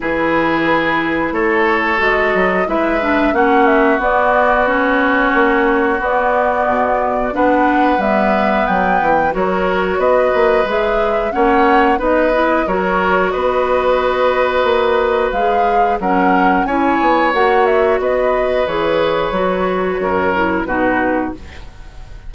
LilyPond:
<<
  \new Staff \with { instrumentName = "flute" } { \time 4/4 \tempo 4 = 90 b'2 cis''4 dis''4 | e''4 fis''8 e''8 d''4 cis''4~ | cis''4 d''2 fis''4 | e''4 g''4 cis''4 dis''4 |
e''4 fis''4 dis''4 cis''4 | dis''2. f''4 | fis''4 gis''4 fis''8 e''8 dis''4 | cis''2. b'4 | }
  \new Staff \with { instrumentName = "oboe" } { \time 4/4 gis'2 a'2 | b'4 fis'2.~ | fis'2. b'4~ | b'2 ais'4 b'4~ |
b'4 cis''4 b'4 ais'4 | b'1 | ais'4 cis''2 b'4~ | b'2 ais'4 fis'4 | }
  \new Staff \with { instrumentName = "clarinet" } { \time 4/4 e'2. fis'4 | e'8 d'8 cis'4 b4 cis'4~ | cis'4 b2 d'4 | b2 fis'2 |
gis'4 cis'4 dis'8 e'8 fis'4~ | fis'2. gis'4 | cis'4 e'4 fis'2 | gis'4 fis'4. e'8 dis'4 | }
  \new Staff \with { instrumentName = "bassoon" } { \time 4/4 e2 a4 gis8 fis8 | gis4 ais4 b2 | ais4 b4 b,4 b4 | g4 fis8 e8 fis4 b8 ais8 |
gis4 ais4 b4 fis4 | b2 ais4 gis4 | fis4 cis'8 b8 ais4 b4 | e4 fis4 fis,4 b,4 | }
>>